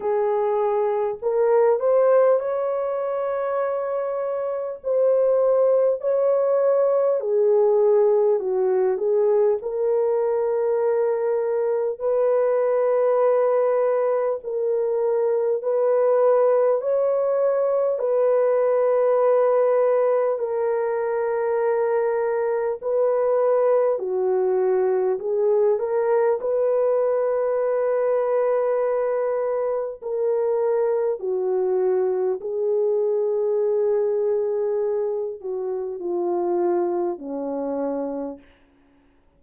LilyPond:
\new Staff \with { instrumentName = "horn" } { \time 4/4 \tempo 4 = 50 gis'4 ais'8 c''8 cis''2 | c''4 cis''4 gis'4 fis'8 gis'8 | ais'2 b'2 | ais'4 b'4 cis''4 b'4~ |
b'4 ais'2 b'4 | fis'4 gis'8 ais'8 b'2~ | b'4 ais'4 fis'4 gis'4~ | gis'4. fis'8 f'4 cis'4 | }